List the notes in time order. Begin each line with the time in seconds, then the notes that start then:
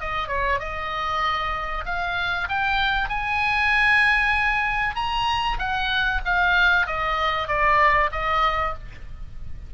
0.00 D#5
0.28 C#5
0.59 D#5
1.86 F5
2.48 G5
3.09 G#5
4.95 A#5
5.59 F#5
6.25 F5
6.87 D#5
7.48 D5
8.12 D#5